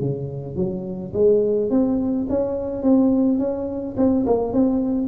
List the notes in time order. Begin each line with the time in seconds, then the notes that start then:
0.00 C#3
0.55 F#3
1.13 G#3
1.70 C4
2.29 C#4
2.82 C4
3.38 C#4
3.96 C4
4.26 A#3
4.53 C4